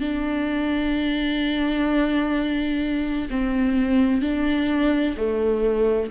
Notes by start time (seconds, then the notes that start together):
0.00 D4
3.30 C4
4.21 D4
5.17 A3